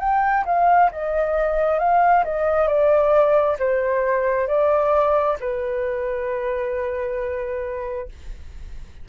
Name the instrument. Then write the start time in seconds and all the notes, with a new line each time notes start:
flute
0.00 G5
0.46 F5
0.92 D#5
1.80 F5
2.25 D#5
2.68 D5
3.59 C5
4.48 D5
5.41 B4